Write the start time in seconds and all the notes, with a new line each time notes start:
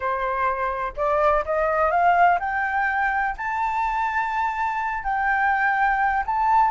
0.00 C5
0.96 D5
1.45 D#5
1.90 F5
2.39 G5
3.37 A5
5.03 G5
6.26 A5